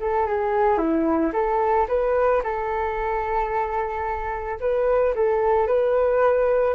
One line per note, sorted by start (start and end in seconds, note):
0.00 0.26 A4
0.26 0.77 G#4
0.77 1.31 E4
1.33 1.87 A4
1.88 2.42 B4
2.43 4.59 A4
4.60 5.14 B4
5.15 5.67 A4
5.67 6.74 B4